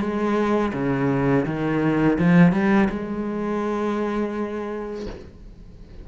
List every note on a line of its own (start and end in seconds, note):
0.00 0.72 G#3
0.73 1.45 C#3
1.46 2.18 D#3
2.19 2.52 F3
2.52 2.88 G3
2.90 5.07 G#3